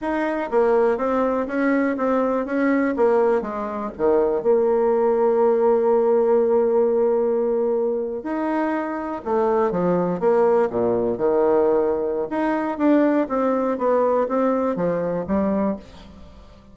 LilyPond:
\new Staff \with { instrumentName = "bassoon" } { \time 4/4 \tempo 4 = 122 dis'4 ais4 c'4 cis'4 | c'4 cis'4 ais4 gis4 | dis4 ais2.~ | ais1~ |
ais8. dis'2 a4 f16~ | f8. ais4 ais,4 dis4~ dis16~ | dis4 dis'4 d'4 c'4 | b4 c'4 f4 g4 | }